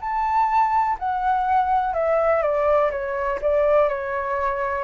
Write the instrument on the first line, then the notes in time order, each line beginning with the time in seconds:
flute
0.00 A5
0.99 F#5
1.94 E5
2.42 D5
2.91 C#5
3.41 D5
3.88 C#5